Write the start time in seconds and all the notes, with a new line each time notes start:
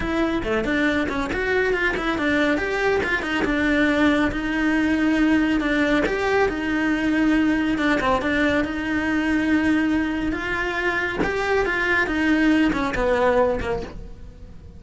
0.00 E4
0.43 A3
0.64 D4
1.09 C#4
1.32 F#4
1.73 F4
1.96 E4
2.18 D4
2.57 G4
3.03 F4
3.22 D#4
3.44 D4
4.31 D#4
5.60 D4
6.06 G4
6.48 D#4
7.78 D4
8.00 C4
8.21 D4
8.64 D#4
10.32 F4
11.23 G4
11.65 F4
12.06 D#4
12.72 C#4
12.95 B3
13.60 A#3